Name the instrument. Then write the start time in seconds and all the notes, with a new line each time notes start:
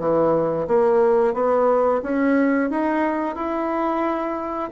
bassoon
0.00 E3
0.68 A#3
1.35 B3
2.03 C#4
2.71 D#4
3.36 E4